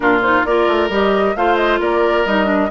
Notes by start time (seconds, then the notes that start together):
0.00 A#2 D4 F4 A#4
0.21 D#4 C5
0.44 A#3 F4 A#4 D5
0.67 A3
0.89 G3 G4 D#5
1.35 A3 F4 C5 F5
1.56 D#5
1.79 A#3 A#4 D5
2.25 G3 D#4 D#5
2.45 D4